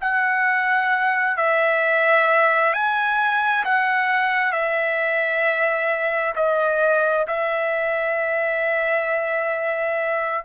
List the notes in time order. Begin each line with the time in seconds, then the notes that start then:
0.00 F#5
1.36 E5
2.73 G#5
3.64 F#5
4.52 E5
6.35 D#5
7.27 E5